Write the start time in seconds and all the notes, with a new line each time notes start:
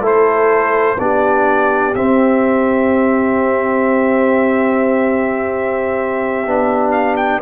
0.00 A3 E4 A4 C5
0.99 B3 D4 G4 D5
1.94 C4 E5
6.46 B3 D4
6.91 F5
7.16 G5